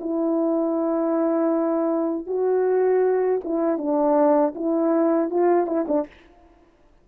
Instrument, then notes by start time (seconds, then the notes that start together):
horn
0.00 E4
2.26 F#4
3.44 E4
3.78 D4
4.55 E4
5.30 F4
5.67 E4
5.88 D4